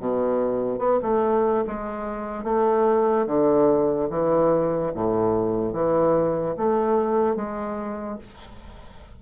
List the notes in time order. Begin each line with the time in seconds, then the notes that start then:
0.00 B2
0.79 B3
1.03 A3
1.67 G#3
2.44 A3
3.27 D3
4.10 E3
4.95 A2
5.73 E3
6.58 A3
7.36 G#3